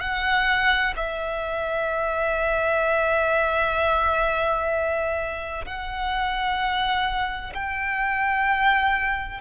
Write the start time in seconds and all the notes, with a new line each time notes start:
0.00 F#5
0.96 E5
5.65 F#5
7.54 G5